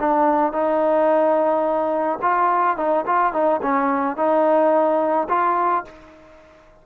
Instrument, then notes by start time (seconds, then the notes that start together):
trombone
0.00 D4
0.53 D#4
2.22 F4
2.77 D#4
3.06 F4
3.33 D#4
3.63 C#4
4.17 D#4
5.29 F4